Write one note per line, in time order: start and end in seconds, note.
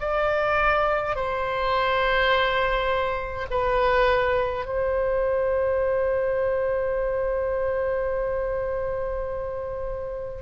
0.00 1.15 D5
1.15 3.46 C5
3.50 4.65 B4
4.65 10.42 C5